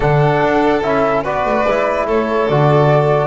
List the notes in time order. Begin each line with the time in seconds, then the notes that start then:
0.00 D3 D4 A4 F#5
0.43 D4
0.82 C#4 E4 E5
1.23 B3 F#4 B4 D5
1.45 A3
1.65 G#3 E4
2.06 A3 A4 C#5
2.48 D3 F#4 D5